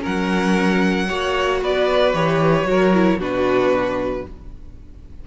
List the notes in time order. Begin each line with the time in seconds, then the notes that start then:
0.00 C#4 A#4 F#5
0.06 F#3
1.08 A#3 F#4 C#5
1.62 B3 B4 D5
2.14 E3 G4 C#5
2.64 F#3 F#4
2.70 A#4
2.94 E4
3.17 B2 D4 F#4 B4